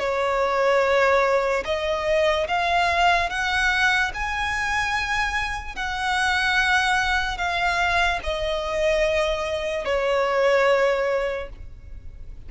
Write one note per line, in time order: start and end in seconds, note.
0.00 1.64 C#5
1.66 2.48 D#5
2.48 3.30 F5
3.30 4.12 F#5
4.14 5.76 G#5
5.76 7.38 F#5
7.38 8.20 F5
8.24 9.85 D#5
9.85 11.50 C#5